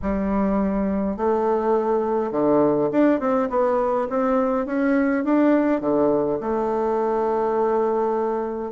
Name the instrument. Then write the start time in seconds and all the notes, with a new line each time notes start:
bassoon
0.02 G3
1.17 A3
2.31 D3
2.91 D4
3.19 C4
3.50 B3
4.09 C4
4.66 C#4
5.24 D4
5.80 D3
6.40 A3